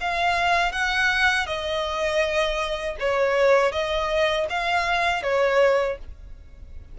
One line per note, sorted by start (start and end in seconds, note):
0.00 0.72 F5
0.72 1.46 F#5
1.46 2.96 D#5
2.99 3.72 C#5
3.72 4.47 D#5
4.49 5.23 F5
5.23 5.98 C#5